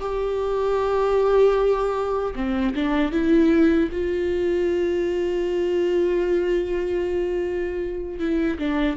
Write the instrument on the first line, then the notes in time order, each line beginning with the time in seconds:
viola
0.00 G4
2.35 C4
2.75 D4
3.12 E4
3.92 F4
8.19 E4
8.59 D4